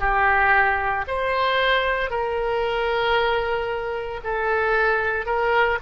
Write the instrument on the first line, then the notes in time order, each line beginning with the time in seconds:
oboe
0.00 G4
1.08 C5
2.11 A#4
4.24 A4
5.26 A#4